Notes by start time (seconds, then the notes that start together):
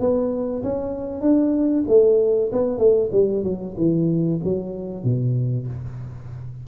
0.00 B3
0.63 C#4
1.22 D4
1.88 A3
2.53 B3
2.79 A3
3.13 G3
3.44 F#3
3.78 E3
4.44 F#3
5.04 B2